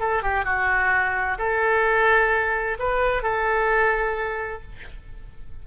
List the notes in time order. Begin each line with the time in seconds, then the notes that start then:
0.00 A4
0.23 G4
0.45 F#4
1.38 A4
2.79 B4
3.23 A4